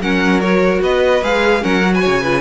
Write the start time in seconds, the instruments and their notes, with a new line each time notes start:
0.00 cello F#3, viola C#4, violin A#4 F#5
0.40 viola F#4, violin C#5
0.82 cello B3, violin B4 D#5
1.23 cello G#3, viola G#4, violin F5
1.62 cello F#3, viola C#4, violin A#4 F#5
1.82 viola F#4
1.94 violin B4 G#5
2.01 cello C#3, violin C#5
2.22 viola F4, violin B4